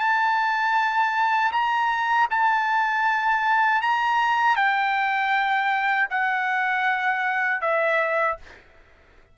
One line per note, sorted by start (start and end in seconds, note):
0.00 1.52 A5
1.53 2.29 A#5
2.31 3.82 A5
3.82 4.56 A#5
4.56 6.08 G5
6.10 7.62 F#5
7.62 8.38 E5